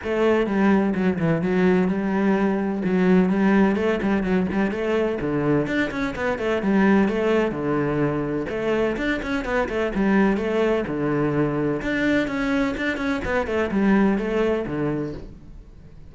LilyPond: \new Staff \with { instrumentName = "cello" } { \time 4/4 \tempo 4 = 127 a4 g4 fis8 e8 fis4 | g2 fis4 g4 | a8 g8 fis8 g8 a4 d4 | d'8 cis'8 b8 a8 g4 a4 |
d2 a4 d'8 cis'8 | b8 a8 g4 a4 d4~ | d4 d'4 cis'4 d'8 cis'8 | b8 a8 g4 a4 d4 | }